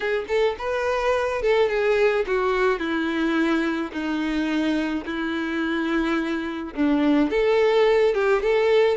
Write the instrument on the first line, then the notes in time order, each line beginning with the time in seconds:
violin
0.00 G#4
0.28 A4
0.58 B4
1.41 A4
1.69 G#4
2.27 F#4
2.79 E4
3.92 D#4
5.05 E4
6.74 D4
7.30 A4
8.14 G4
8.42 A4